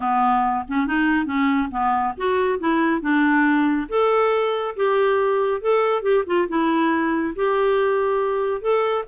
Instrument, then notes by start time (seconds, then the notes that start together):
clarinet
0.00 B3
0.68 C#4
0.86 D#4
1.25 C#4
1.71 B3
2.17 F#4
2.59 E4
3.01 D4
3.88 A4
4.76 G4
5.61 A4
6.02 G4
6.26 F4
6.48 E4
7.35 G4
8.61 A4